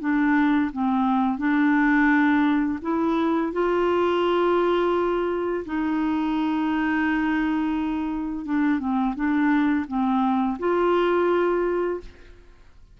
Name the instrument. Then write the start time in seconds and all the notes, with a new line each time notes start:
clarinet
0.00 D4
0.72 C4
1.38 D4
2.82 E4
3.53 F4
5.65 D#4
8.45 D4
8.79 C4
9.15 D4
9.87 C4
10.59 F4